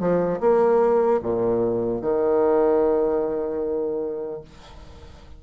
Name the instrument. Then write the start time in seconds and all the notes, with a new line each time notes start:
bassoon
0.00 F3
0.41 A#3
1.23 A#2
2.02 D#3